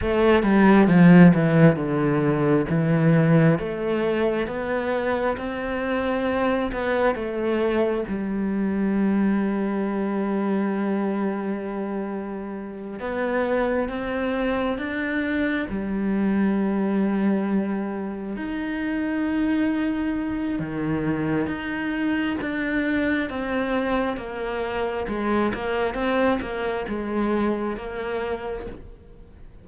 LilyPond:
\new Staff \with { instrumentName = "cello" } { \time 4/4 \tempo 4 = 67 a8 g8 f8 e8 d4 e4 | a4 b4 c'4. b8 | a4 g2.~ | g2~ g8 b4 c'8~ |
c'8 d'4 g2~ g8~ | g8 dis'2~ dis'8 dis4 | dis'4 d'4 c'4 ais4 | gis8 ais8 c'8 ais8 gis4 ais4 | }